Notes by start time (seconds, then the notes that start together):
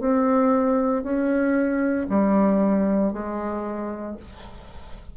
0.00 C4
1.03 C#4
2.09 G3
3.13 G#3